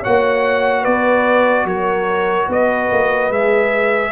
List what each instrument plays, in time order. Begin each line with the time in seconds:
0.00 trombone F#4, horn C#5, trumpet F#5
0.07 tuba A#3
0.82 tuba B3, horn B4, trumpet D5
1.65 tuba F#3, horn A#4, trumpet C#5
2.49 tuba B3, horn B4, trumpet D#5
2.93 tuba A#3
3.30 tuba G#3, trombone G#4, trumpet E5